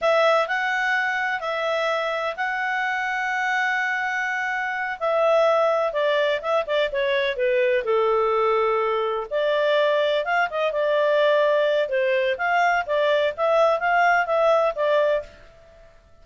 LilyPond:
\new Staff \with { instrumentName = "clarinet" } { \time 4/4 \tempo 4 = 126 e''4 fis''2 e''4~ | e''4 fis''2.~ | fis''2~ fis''8 e''4.~ | e''8 d''4 e''8 d''8 cis''4 b'8~ |
b'8 a'2. d''8~ | d''4. f''8 dis''8 d''4.~ | d''4 c''4 f''4 d''4 | e''4 f''4 e''4 d''4 | }